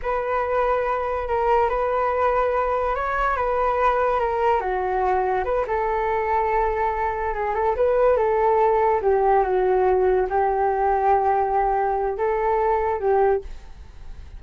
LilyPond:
\new Staff \with { instrumentName = "flute" } { \time 4/4 \tempo 4 = 143 b'2. ais'4 | b'2. cis''4 | b'2 ais'4 fis'4~ | fis'4 b'8 a'2~ a'8~ |
a'4. gis'8 a'8 b'4 a'8~ | a'4. g'4 fis'4.~ | fis'8 g'2.~ g'8~ | g'4 a'2 g'4 | }